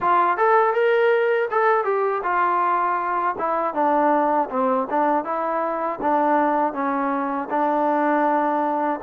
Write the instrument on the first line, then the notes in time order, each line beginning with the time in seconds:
trombone
0.00 F4
0.37 A4
0.73 A#4
1.50 A4
1.84 G4
2.23 F4
3.38 E4
3.74 D4
4.50 C4
4.90 D4
5.24 E4
6.01 D4
6.73 C#4
7.50 D4